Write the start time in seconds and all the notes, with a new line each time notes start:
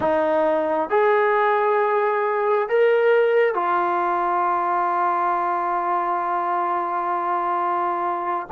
0.00 D#4
0.89 G#4
2.69 A#4
3.54 F4